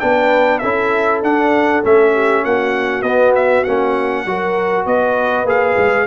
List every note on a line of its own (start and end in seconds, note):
0.00 0.63 B3
0.00 0.61 D4
0.00 0.62 B4
0.00 0.59 G5
0.59 1.22 C#4
0.59 1.24 E4
0.59 2.13 A4
0.59 1.20 E5
1.22 1.83 D4
1.22 1.84 F#5
1.83 2.45 A3
1.83 3.04 C#4
1.83 2.45 E5
2.14 2.44 G4
2.44 3.03 A#3
2.44 4.26 F#4
2.44 3.02 F#5
3.02 3.63 B3
3.02 3.67 B3
3.02 3.33 D#5
3.35 3.64 E5
3.64 4.26 A#3
3.64 4.27 C#4
3.64 4.85 F#5
4.26 4.86 F#3
4.26 5.47 F#4
4.26 4.86 A#4
4.86 5.45 B3
4.86 6.07 B4
4.86 5.47 D#5
5.45 5.75 A#3
5.45 6.07 G#4
5.45 6.07 F5
5.78 6.07 G#3